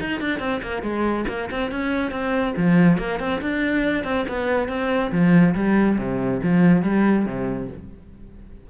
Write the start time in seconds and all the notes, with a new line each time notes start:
0.00 D#4
0.20 D4
0.39 C4
0.62 A#3
0.82 G#3
1.28 A#3
1.51 C4
1.71 C#4
2.11 C4
2.57 F3
2.98 A#3
3.20 C4
3.41 D4
4.04 C4
4.28 B3
4.69 C4
5.12 F3
5.55 G3
5.98 C3
6.43 F3
6.83 G3
7.26 C3